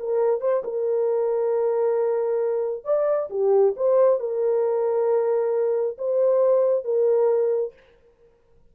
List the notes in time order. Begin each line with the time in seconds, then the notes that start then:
0.00 A#4
0.41 C5
0.65 A#4
2.85 D5
3.31 G4
3.77 C5
4.20 A#4
5.99 C5
6.85 A#4